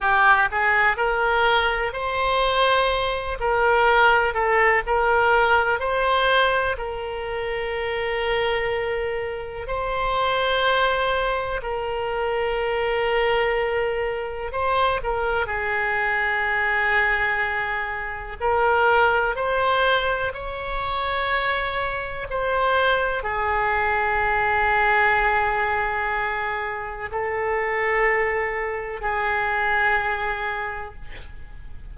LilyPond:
\new Staff \with { instrumentName = "oboe" } { \time 4/4 \tempo 4 = 62 g'8 gis'8 ais'4 c''4. ais'8~ | ais'8 a'8 ais'4 c''4 ais'4~ | ais'2 c''2 | ais'2. c''8 ais'8 |
gis'2. ais'4 | c''4 cis''2 c''4 | gis'1 | a'2 gis'2 | }